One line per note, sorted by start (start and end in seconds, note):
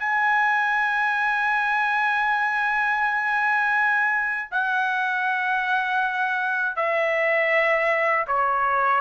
0.00 4.50 G#5
4.51 6.76 F#5
6.76 8.26 E5
8.27 9.01 C#5